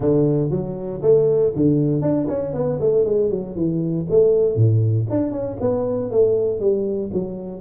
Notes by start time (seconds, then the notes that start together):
0.00 D3
0.50 F#3
1.02 A3
1.55 D3
2.01 D4
2.28 C#4
2.53 B3
2.80 A3
3.04 G#3
3.30 F#3
3.55 E3
4.10 A3
4.55 A2
5.10 D4
5.31 C#4
5.60 B3
6.10 A3
6.60 G3
7.13 F#3